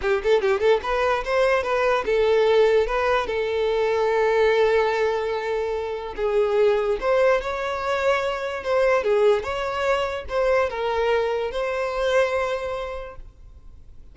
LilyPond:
\new Staff \with { instrumentName = "violin" } { \time 4/4 \tempo 4 = 146 g'8 a'8 g'8 a'8 b'4 c''4 | b'4 a'2 b'4 | a'1~ | a'2. gis'4~ |
gis'4 c''4 cis''2~ | cis''4 c''4 gis'4 cis''4~ | cis''4 c''4 ais'2 | c''1 | }